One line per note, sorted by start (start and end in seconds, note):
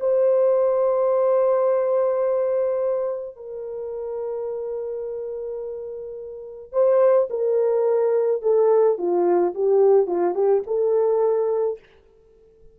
0.00 3.36 C5
3.36 6.72 A#4
6.72 7.28 C5
7.30 8.42 A#4
8.42 8.98 A4
8.98 9.54 F4
9.55 10.07 G4
10.07 10.35 F4
10.35 10.63 G4
10.67 11.79 A4